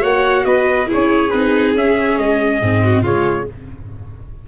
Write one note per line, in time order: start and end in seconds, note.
0.00 0.45 A#3
0.00 0.86 F#4
0.00 0.44 C#5
0.00 0.45 F#5
0.45 0.89 B3
0.45 0.89 B4
0.45 0.88 D#5
0.87 1.30 E4
0.87 2.83 G#4
0.93 1.33 C#4
0.93 1.30 C#5
1.30 1.75 C4
1.30 1.77 D#4
1.30 1.74 B4
1.75 2.18 C#4
1.75 2.62 C#4
1.75 2.19 E5
2.18 2.62 G#3
2.18 3.05 D#5
2.62 3.03 G#2
2.62 3.05 C4
2.84 3.03 F#4
3.03 3.46 C#3
3.03 3.48 G#3
3.03 3.46 F4
3.03 3.48 C#5